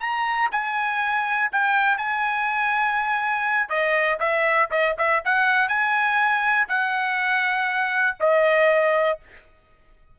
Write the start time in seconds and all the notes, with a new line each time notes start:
0.00 A#5
0.51 G#5
1.52 G5
1.97 G#5
3.69 D#5
4.19 E5
4.71 D#5
4.98 E5
5.25 F#5
5.68 G#5
6.68 F#5
8.20 D#5